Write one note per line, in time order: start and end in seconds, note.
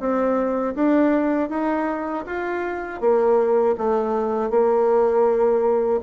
0.00 0.75 C4
0.75 1.50 D4
1.50 2.25 D#4
2.26 3.01 F4
3.01 3.76 A#3
3.78 4.51 A3
4.51 6.01 A#3